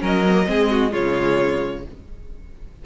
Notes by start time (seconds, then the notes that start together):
0.00 F#3 C#4 A#4 D#5
0.26 C4
0.32 A#3
0.46 G#3 C4 G#4
0.71 F#4
0.90 C#3 G#3 F4 C#5